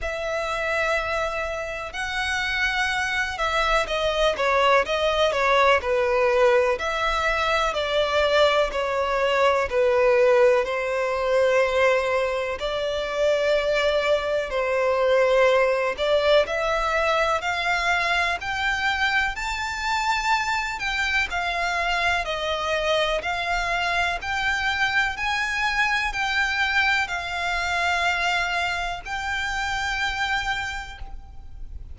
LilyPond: \new Staff \with { instrumentName = "violin" } { \time 4/4 \tempo 4 = 62 e''2 fis''4. e''8 | dis''8 cis''8 dis''8 cis''8 b'4 e''4 | d''4 cis''4 b'4 c''4~ | c''4 d''2 c''4~ |
c''8 d''8 e''4 f''4 g''4 | a''4. g''8 f''4 dis''4 | f''4 g''4 gis''4 g''4 | f''2 g''2 | }